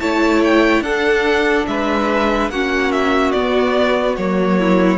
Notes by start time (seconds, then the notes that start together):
0.00 A3 E4 C#5 A5
0.44 G5
0.81 D4 A4 F#5
1.67 G#3 B4 E5
2.49 A#3 C#4 F#4 F#5
2.92 E5
3.32 B3 D5
4.17 F#3 A#3 C#5
4.58 E4